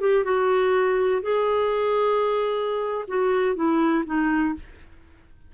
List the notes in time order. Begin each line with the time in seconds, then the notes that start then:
0.00 G4
0.24 F#4
1.22 G#4
3.08 F#4
3.55 E4
4.06 D#4